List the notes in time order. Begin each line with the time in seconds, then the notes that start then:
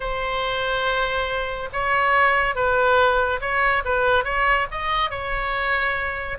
0.00 C5
1.73 C#5
2.55 B4
3.40 C#5
3.84 B4
4.24 C#5
4.71 D#5
5.10 C#5